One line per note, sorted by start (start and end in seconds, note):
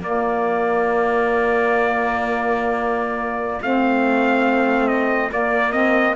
0.00 3.59 A#3
0.00 3.62 A#3
0.00 6.16 F4
0.00 3.62 D5
3.62 5.31 A3
3.62 5.31 C4
3.62 4.88 F5
4.88 5.30 D#5
5.31 5.73 A#3
5.31 6.16 A#3
5.31 5.72 D5
5.72 6.15 C4
5.72 6.14 D#5